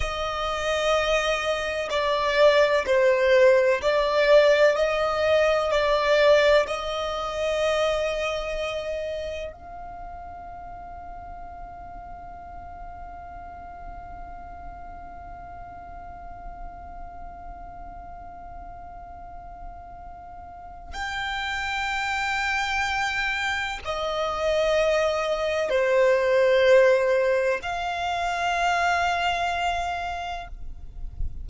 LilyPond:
\new Staff \with { instrumentName = "violin" } { \time 4/4 \tempo 4 = 63 dis''2 d''4 c''4 | d''4 dis''4 d''4 dis''4~ | dis''2 f''2~ | f''1~ |
f''1~ | f''2 g''2~ | g''4 dis''2 c''4~ | c''4 f''2. | }